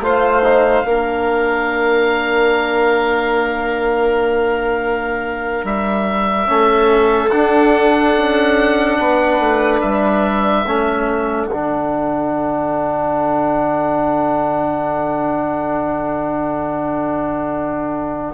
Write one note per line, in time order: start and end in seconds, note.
0.00 0.83 A3
0.00 0.44 F4
0.00 0.87 C5
0.00 5.66 F5
0.44 0.85 D#4
0.85 5.64 A#3
0.85 6.47 D4
0.85 6.49 A#4
5.64 6.48 G3
5.64 7.31 E5
6.47 7.31 A3
6.47 7.30 C#4
6.47 8.99 A4
7.31 8.14 D4
7.31 10.66 D4
7.31 9.81 F#5
8.18 8.98 C#4
8.98 9.40 B3
8.98 10.66 B4
9.40 9.82 A3
9.81 10.66 G3
9.81 11.47 E5
10.66 11.48 A3
10.66 11.51 C#4
10.66 18.35 A4
11.47 18.35 D3
11.47 18.35 D4
11.47 18.35 F#5